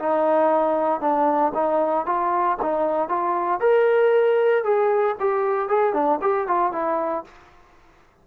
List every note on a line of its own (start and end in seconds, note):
0.00 1.01 D#4
1.01 1.53 D4
1.55 2.06 D#4
2.06 2.58 F4
2.62 3.09 D#4
3.09 3.61 F4
3.61 4.64 A#4
4.64 5.16 G#4
5.21 5.69 G4
5.69 5.94 G#4
5.94 6.20 D4
6.22 6.48 G4
6.48 6.73 F4
6.73 7.25 E4